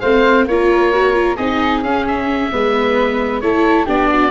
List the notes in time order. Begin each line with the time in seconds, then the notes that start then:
0.00 A3 C4 C5 F5
0.46 A#3 F4 A#4 C#5
0.93 F#4
1.13 F4
1.36 C4 D#4 G#4 D#5
1.83 C#4 F5
2.08 E5
2.52 G#3 B3 B4
3.41 A3 E4 A4 C#5
3.86 B3 D4 G4 D5
4.09 F#4